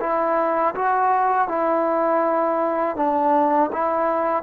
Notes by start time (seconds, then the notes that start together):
0.00 E4
0.75 F#4
1.48 E4
2.96 D4
3.72 E4